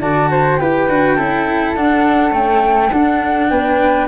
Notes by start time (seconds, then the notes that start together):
0.00 D3 F#4 D5 A5
0.30 C5
0.57 E4 G4 B4 G5
0.89 D4 F#4
1.16 C#4 E4 A4
1.75 D4 F#5
2.31 A3 C#4 G5
2.91 D4 F#5
3.49 B3 B4 G5